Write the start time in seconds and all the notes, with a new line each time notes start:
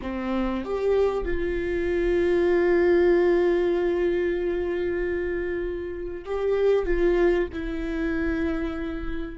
0.02 C4
0.64 G4
1.24 F4
6.25 G4
6.85 F4
7.53 E4